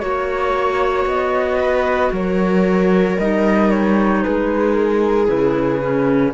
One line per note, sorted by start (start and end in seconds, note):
0.00 1.06 A#3
0.00 3.17 F#4
0.00 1.05 C#5
0.00 1.60 C#5
1.06 2.11 B3
1.06 2.13 D#5
1.60 2.12 B4
2.13 3.18 F#3
2.13 4.23 A#4
2.13 3.19 C#5
3.19 4.25 G3
3.19 5.27 D#4
3.19 3.71 D#5
3.71 4.23 C#5
4.23 5.29 G#3
4.23 6.34 G#4
4.23 4.74 B4
4.74 5.27 A#4
5.27 6.34 C#3
5.27 5.80 E4
5.27 6.34 B4
5.80 6.33 C#4